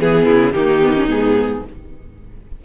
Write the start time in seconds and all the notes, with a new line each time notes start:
0.00 E3 B3 G#4
0.26 C#3 E4
0.53 D#3 A#3 D#4 G4
0.82 B3
0.95 C#4
1.08 G#2 B3 G#4